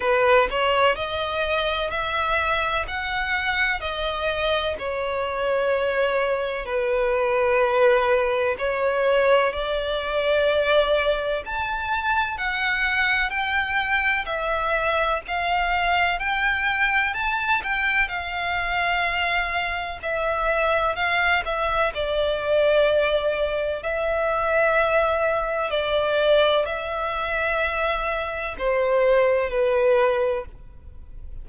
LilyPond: \new Staff \with { instrumentName = "violin" } { \time 4/4 \tempo 4 = 63 b'8 cis''8 dis''4 e''4 fis''4 | dis''4 cis''2 b'4~ | b'4 cis''4 d''2 | a''4 fis''4 g''4 e''4 |
f''4 g''4 a''8 g''8 f''4~ | f''4 e''4 f''8 e''8 d''4~ | d''4 e''2 d''4 | e''2 c''4 b'4 | }